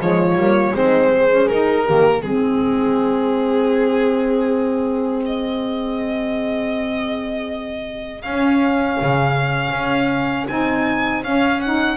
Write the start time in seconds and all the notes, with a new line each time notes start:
0.00 F3 G#3 F4 C#5
0.35 G3 A#3
0.75 G#3 C4 D#4 C5
1.12 G#4
1.30 C#4
1.48 D#4 A#4
1.86 D#3 A#3 G4
2.22 G#3 C4 G#4
5.26 D#5
8.22 C#4 F5
9.02 C#3
9.71 C#4
10.48 C4 D#4 G#5
11.24 C#4 F5
11.61 D#4 F#5